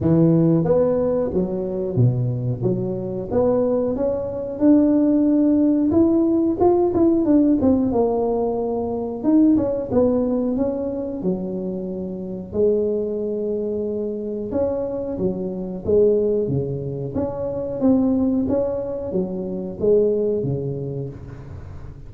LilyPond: \new Staff \with { instrumentName = "tuba" } { \time 4/4 \tempo 4 = 91 e4 b4 fis4 b,4 | fis4 b4 cis'4 d'4~ | d'4 e'4 f'8 e'8 d'8 c'8 | ais2 dis'8 cis'8 b4 |
cis'4 fis2 gis4~ | gis2 cis'4 fis4 | gis4 cis4 cis'4 c'4 | cis'4 fis4 gis4 cis4 | }